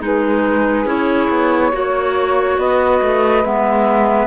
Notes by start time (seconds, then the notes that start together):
0.00 G#3 D#4 G#4 B4
0.86 C#4 E4 C#5
1.30 B3
1.72 A#3 F#4 C#5
2.58 B3 B4 D#5
3.02 A3
3.45 G#3 B3 E5